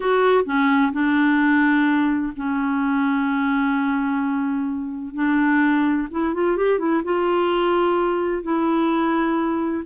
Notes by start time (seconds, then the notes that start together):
0.00 F#4
0.45 C#4
0.92 D4
2.36 C#4
5.14 D4
6.10 E4
6.34 F4
6.56 G4
6.79 E4
7.04 F4
8.43 E4